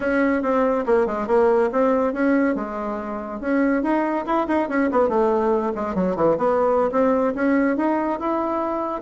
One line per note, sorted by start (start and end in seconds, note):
0.00 0.42 C#4
0.42 0.85 C4
0.86 1.06 A#3
1.06 1.27 G#3
1.27 1.69 A#3
1.72 2.13 C4
2.13 2.55 C#4
2.55 3.40 G#3
3.40 3.82 C#4
3.82 4.25 D#4
4.26 4.47 E4
4.47 4.68 D#4
4.68 4.90 C#4
4.91 5.09 B3
5.09 5.72 A3
5.75 5.95 G#3
5.95 6.15 F#3
6.15 6.37 E3
6.37 6.90 B3
6.91 7.34 C4
7.34 7.77 C#4
7.77 8.19 D#4
8.19 9.02 E4